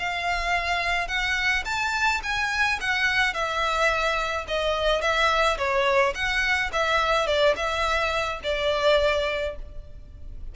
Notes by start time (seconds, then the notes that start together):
0.00 F5
1.08 F#5
1.65 A5
2.24 G#5
2.81 F#5
3.34 E5
4.48 D#5
5.02 E5
5.58 C#5
6.15 F#5
6.73 E5
7.28 D5
7.56 E5
8.44 D5